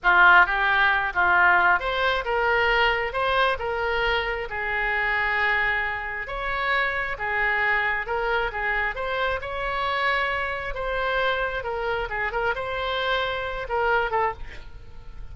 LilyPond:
\new Staff \with { instrumentName = "oboe" } { \time 4/4 \tempo 4 = 134 f'4 g'4. f'4. | c''4 ais'2 c''4 | ais'2 gis'2~ | gis'2 cis''2 |
gis'2 ais'4 gis'4 | c''4 cis''2. | c''2 ais'4 gis'8 ais'8 | c''2~ c''8 ais'4 a'8 | }